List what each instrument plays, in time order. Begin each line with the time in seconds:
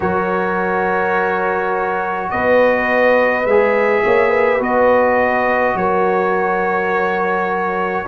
0.00 tuba F#3, trombone F#4, horn A#4, trumpet C#5
2.30 tuba B3, horn B4, trumpet D#5
3.44 tuba G#3, trombone G#4, trumpet E5
4.04 tuba A#3, horn C#5
4.29 horn B4
4.59 tuba B3, trombone F#4, trumpet D#5
5.75 tuba F#3, horn A#4, trumpet C#5